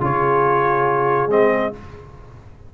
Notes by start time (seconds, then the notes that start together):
0.00 C#3 F4 G#4 C#5
1.27 G#3 C4 D#5